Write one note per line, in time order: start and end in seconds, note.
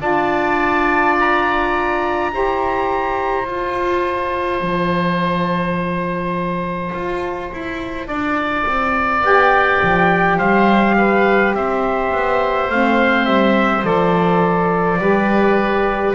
0.00 2.31 D4
0.00 2.31 F4
0.00 2.31 D5
0.00 1.16 A5
1.20 3.48 A#5
2.31 3.45 E4
2.31 3.43 G4
2.31 8.07 C5
3.43 9.19 F4
3.43 4.60 F4
3.43 9.25 A5
4.60 6.91 F3
6.94 7.51 F4
7.52 8.07 E4
8.07 8.65 D4
8.07 10.37 D5
8.66 9.22 C4
9.22 9.79 B3
9.22 12.69 G4
9.22 10.38 G5
9.82 10.38 F3
10.37 11.54 G3
10.37 10.95 C5
10.37 11.54 F5
10.98 11.55 B4
11.54 12.11 C4
11.54 15.01 C5
11.54 12.70 E5
12.12 12.69 B3
12.69 13.26 A3
12.69 13.83 C4
12.69 13.25 F5
13.25 13.83 G3
13.25 13.83 E5
13.83 14.99 F3
13.83 14.98 A4
13.83 16.14 D5
14.99 16.14 G3
14.99 16.14 G4
14.99 16.14 B4